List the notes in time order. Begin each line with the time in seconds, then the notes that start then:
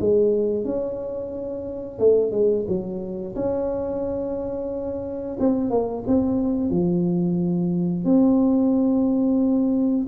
0.00 G#3
0.64 C#4
1.99 A3
2.31 G#3
2.67 F#3
3.35 C#4
5.39 C4
5.70 A#3
6.06 C4
6.70 F3
8.04 C4